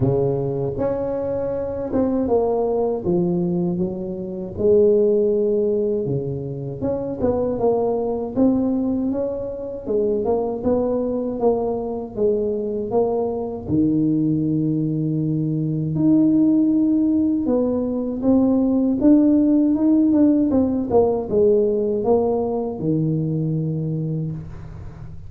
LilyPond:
\new Staff \with { instrumentName = "tuba" } { \time 4/4 \tempo 4 = 79 cis4 cis'4. c'8 ais4 | f4 fis4 gis2 | cis4 cis'8 b8 ais4 c'4 | cis'4 gis8 ais8 b4 ais4 |
gis4 ais4 dis2~ | dis4 dis'2 b4 | c'4 d'4 dis'8 d'8 c'8 ais8 | gis4 ais4 dis2 | }